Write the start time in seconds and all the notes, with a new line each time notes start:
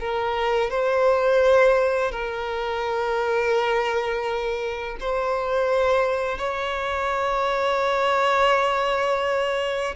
0.00 A#4
0.70 C5
2.12 A#4
5.01 C5
6.38 C#5